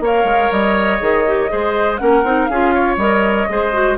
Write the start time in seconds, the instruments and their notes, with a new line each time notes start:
0.00 bassoon A#3, clarinet A#4, oboe C#5, flute F5
0.24 bassoon G#3
0.51 bassoon G3, flute D#5
0.99 bassoon D#3, clarinet G#4
1.27 clarinet G4
1.49 bassoon G#3, clarinet G#4, oboe C5
1.97 bassoon A#3, clarinet C#4, oboe A#4, flute F#5
2.23 bassoon C4, clarinet D#4
2.45 bassoon C#4, oboe G#4, flute F5
2.52 clarinet F4
2.74 oboe C#5
2.97 bassoon G3, clarinet A#4, flute D#5
3.48 bassoon G#3, clarinet G#4, oboe C5
3.73 clarinet F#4